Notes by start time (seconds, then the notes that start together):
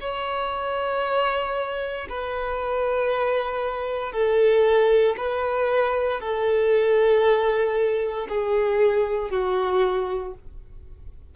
0.00 C#5
2.09 B4
4.12 A4
5.17 B4
6.20 A4
8.29 G#4
9.30 F#4